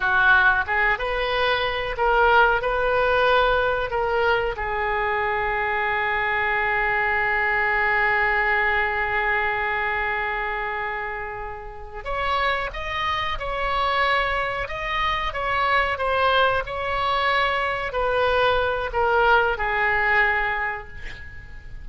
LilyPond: \new Staff \with { instrumentName = "oboe" } { \time 4/4 \tempo 4 = 92 fis'4 gis'8 b'4. ais'4 | b'2 ais'4 gis'4~ | gis'1~ | gis'1~ |
gis'2~ gis'8 cis''4 dis''8~ | dis''8 cis''2 dis''4 cis''8~ | cis''8 c''4 cis''2 b'8~ | b'4 ais'4 gis'2 | }